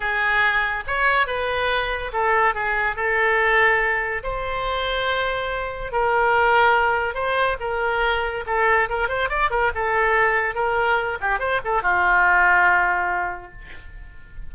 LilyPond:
\new Staff \with { instrumentName = "oboe" } { \time 4/4 \tempo 4 = 142 gis'2 cis''4 b'4~ | b'4 a'4 gis'4 a'4~ | a'2 c''2~ | c''2 ais'2~ |
ais'4 c''4 ais'2 | a'4 ais'8 c''8 d''8 ais'8 a'4~ | a'4 ais'4. g'8 c''8 a'8 | f'1 | }